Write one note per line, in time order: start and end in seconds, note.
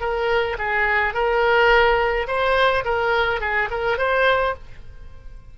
0.00 0.57 A#4
0.58 1.13 G#4
1.13 2.26 A#4
2.27 2.84 C5
2.85 3.40 A#4
3.40 3.69 G#4
3.70 3.97 A#4
3.97 4.54 C5